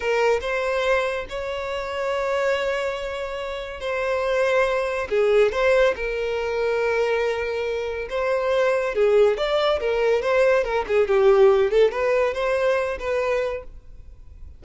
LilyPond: \new Staff \with { instrumentName = "violin" } { \time 4/4 \tempo 4 = 141 ais'4 c''2 cis''4~ | cis''1~ | cis''4 c''2. | gis'4 c''4 ais'2~ |
ais'2. c''4~ | c''4 gis'4 d''4 ais'4 | c''4 ais'8 gis'8 g'4. a'8 | b'4 c''4. b'4. | }